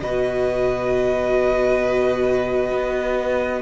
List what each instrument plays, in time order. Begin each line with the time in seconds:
0.00 cello B2, viola F#4, violin B4 D#5
2.71 cello B3